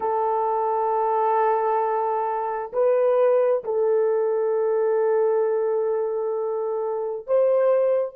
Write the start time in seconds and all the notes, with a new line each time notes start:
0.00 A4
2.72 B4
3.64 A4
7.26 C5